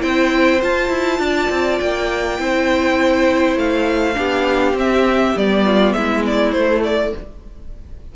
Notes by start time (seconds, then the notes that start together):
0.00 C4 E4 C5 G5
0.62 F4 A5
0.89 E4
1.19 D4 D5
1.50 C4
1.80 A#3 G5
2.39 C4 E4 C5
3.57 A3 F5
4.15 B3 D4 G4
4.74 C4 E5
5.37 G3 B3 D5
5.65 F4
5.93 G#3 E4 E5
6.26 D5
6.52 A3 C5
6.84 D5